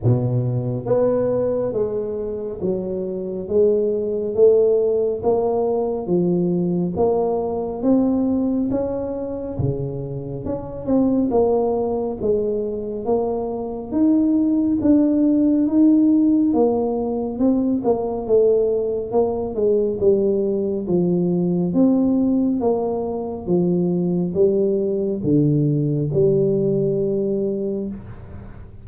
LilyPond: \new Staff \with { instrumentName = "tuba" } { \time 4/4 \tempo 4 = 69 b,4 b4 gis4 fis4 | gis4 a4 ais4 f4 | ais4 c'4 cis'4 cis4 | cis'8 c'8 ais4 gis4 ais4 |
dis'4 d'4 dis'4 ais4 | c'8 ais8 a4 ais8 gis8 g4 | f4 c'4 ais4 f4 | g4 d4 g2 | }